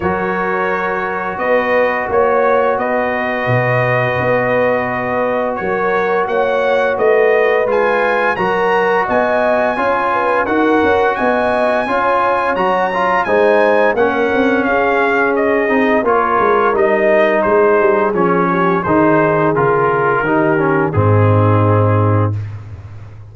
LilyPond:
<<
  \new Staff \with { instrumentName = "trumpet" } { \time 4/4 \tempo 4 = 86 cis''2 dis''4 cis''4 | dis''1 | cis''4 fis''4 dis''4 gis''4 | ais''4 gis''2 fis''4 |
gis''2 ais''4 gis''4 | fis''4 f''4 dis''4 cis''4 | dis''4 c''4 cis''4 c''4 | ais'2 gis'2 | }
  \new Staff \with { instrumentName = "horn" } { \time 4/4 ais'2 b'4 cis''4 | b'1 | ais'4 cis''4 b'2 | ais'4 dis''4 cis''8 b'8 ais'4 |
dis''4 cis''2 c''4 | ais'4 gis'2 ais'4~ | ais'4 gis'4. g'8 gis'4~ | gis'4 g'4 dis'2 | }
  \new Staff \with { instrumentName = "trombone" } { \time 4/4 fis'1~ | fis'1~ | fis'2. f'4 | fis'2 f'4 fis'4~ |
fis'4 f'4 fis'8 f'8 dis'4 | cis'2~ cis'8 dis'8 f'4 | dis'2 cis'4 dis'4 | f'4 dis'8 cis'8 c'2 | }
  \new Staff \with { instrumentName = "tuba" } { \time 4/4 fis2 b4 ais4 | b4 b,4 b2 | fis4 ais4 a4 gis4 | fis4 b4 cis'4 dis'8 cis'8 |
b4 cis'4 fis4 gis4 | ais8 c'8 cis'4. c'8 ais8 gis8 | g4 gis8 g8 f4 dis4 | cis4 dis4 gis,2 | }
>>